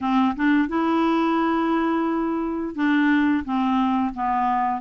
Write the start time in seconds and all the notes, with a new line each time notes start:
0.00 C4
0.36 D4
0.68 E4
2.75 D4
3.44 C4
4.14 B3